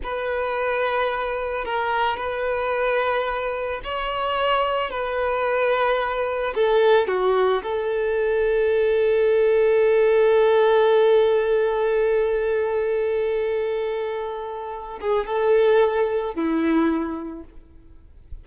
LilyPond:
\new Staff \with { instrumentName = "violin" } { \time 4/4 \tempo 4 = 110 b'2. ais'4 | b'2. cis''4~ | cis''4 b'2. | a'4 fis'4 a'2~ |
a'1~ | a'1~ | a'2.~ a'8 gis'8 | a'2 e'2 | }